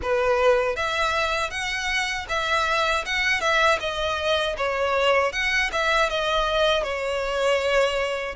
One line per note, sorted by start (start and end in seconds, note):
0.02 0.76 B4
0.76 1.50 E5
1.50 2.26 F#5
2.29 3.04 E5
3.06 3.40 F#5
3.40 3.78 E5
3.80 4.56 D#5
4.57 5.32 C#5
5.32 5.70 F#5
5.72 6.09 E5
6.09 6.83 D#5
6.83 8.35 C#5